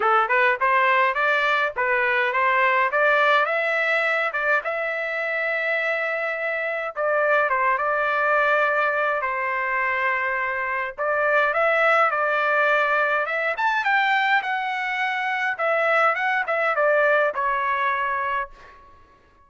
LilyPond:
\new Staff \with { instrumentName = "trumpet" } { \time 4/4 \tempo 4 = 104 a'8 b'8 c''4 d''4 b'4 | c''4 d''4 e''4. d''8 | e''1 | d''4 c''8 d''2~ d''8 |
c''2. d''4 | e''4 d''2 e''8 a''8 | g''4 fis''2 e''4 | fis''8 e''8 d''4 cis''2 | }